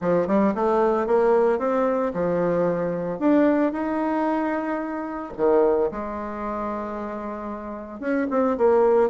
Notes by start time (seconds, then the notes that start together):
0.01 F3
0.27 G3
0.54 A3
1.07 A#3
1.59 C4
2.13 F3
3.19 D4
3.72 D#4
5.37 D#3
5.91 G#3
8.00 C#4
8.30 C4
8.57 A#3